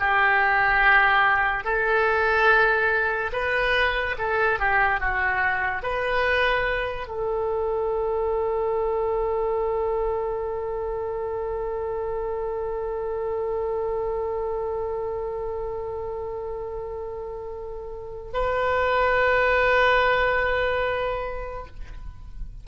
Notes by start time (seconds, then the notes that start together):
0.00 G4
1.64 A4
3.33 B4
4.19 A4
4.59 G4
5.00 F#4
5.83 B4
7.08 A4
18.33 B4